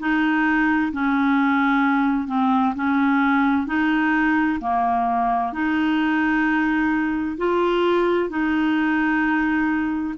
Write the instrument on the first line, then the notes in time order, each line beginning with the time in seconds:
clarinet
0.00 D#4
0.92 C#4
2.28 C4
2.76 C#4
3.67 D#4
4.61 A#3
5.53 D#4
7.38 F4
8.30 D#4